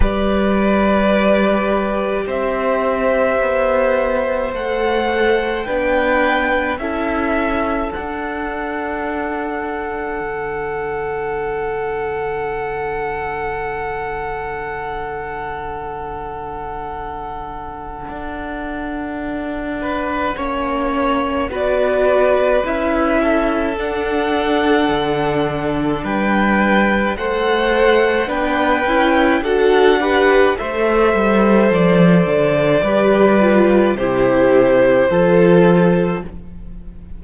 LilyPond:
<<
  \new Staff \with { instrumentName = "violin" } { \time 4/4 \tempo 4 = 53 d''2 e''2 | fis''4 g''4 e''4 fis''4~ | fis''1~ | fis''1~ |
fis''2. d''4 | e''4 fis''2 g''4 | fis''4 g''4 fis''4 e''4 | d''2 c''2 | }
  \new Staff \with { instrumentName = "violin" } { \time 4/4 b'2 c''2~ | c''4 b'4 a'2~ | a'1~ | a'1~ |
a'4. b'8 cis''4 b'4~ | b'8 a'2~ a'8 b'4 | c''4 b'4 a'8 b'8 c''4~ | c''4 b'4 g'4 a'4 | }
  \new Staff \with { instrumentName = "viola" } { \time 4/4 g'1 | a'4 d'4 e'4 d'4~ | d'1~ | d'1~ |
d'2 cis'4 fis'4 | e'4 d'2. | a'4 d'8 e'8 fis'8 g'8 a'4~ | a'4 g'8 f'8 e'4 f'4 | }
  \new Staff \with { instrumentName = "cello" } { \time 4/4 g2 c'4 b4 | a4 b4 cis'4 d'4~ | d'4 d2.~ | d1 |
d'2 ais4 b4 | cis'4 d'4 d4 g4 | a4 b8 cis'8 d'4 a8 g8 | f8 d8 g4 c4 f4 | }
>>